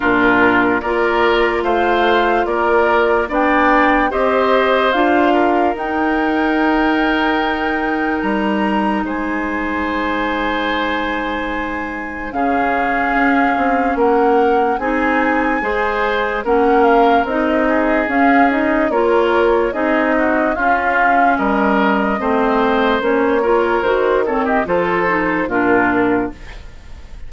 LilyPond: <<
  \new Staff \with { instrumentName = "flute" } { \time 4/4 \tempo 4 = 73 ais'4 d''4 f''4 d''4 | g''4 dis''4 f''4 g''4~ | g''2 ais''4 gis''4~ | gis''2. f''4~ |
f''4 fis''4 gis''2 | fis''8 f''8 dis''4 f''8 dis''8 cis''4 | dis''4 f''4 dis''2 | cis''4 c''8 cis''16 dis''16 c''4 ais'4 | }
  \new Staff \with { instrumentName = "oboe" } { \time 4/4 f'4 ais'4 c''4 ais'4 | d''4 c''4. ais'4.~ | ais'2. c''4~ | c''2. gis'4~ |
gis'4 ais'4 gis'4 c''4 | ais'4. gis'4. ais'4 | gis'8 fis'8 f'4 ais'4 c''4~ | c''8 ais'4 a'16 g'16 a'4 f'4 | }
  \new Staff \with { instrumentName = "clarinet" } { \time 4/4 d'4 f'2. | d'4 g'4 f'4 dis'4~ | dis'1~ | dis'2. cis'4~ |
cis'2 dis'4 gis'4 | cis'4 dis'4 cis'8 dis'8 f'4 | dis'4 cis'2 c'4 | cis'8 f'8 fis'8 c'8 f'8 dis'8 d'4 | }
  \new Staff \with { instrumentName = "bassoon" } { \time 4/4 ais,4 ais4 a4 ais4 | b4 c'4 d'4 dis'4~ | dis'2 g4 gis4~ | gis2. cis4 |
cis'8 c'8 ais4 c'4 gis4 | ais4 c'4 cis'4 ais4 | c'4 cis'4 g4 a4 | ais4 dis4 f4 ais,4 | }
>>